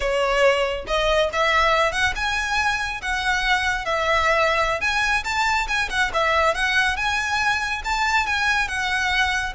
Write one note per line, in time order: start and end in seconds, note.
0.00 0.85 C#5
0.87 1.30 D#5
1.32 1.92 E5
1.92 2.13 F#5
2.15 3.01 G#5
3.01 3.85 F#5
3.85 4.80 E5
4.80 5.23 G#5
5.24 5.67 A5
5.67 5.89 G#5
5.89 6.11 F#5
6.13 6.54 E5
6.54 6.96 F#5
6.96 7.82 G#5
7.84 8.26 A5
8.26 8.67 G#5
8.67 9.53 F#5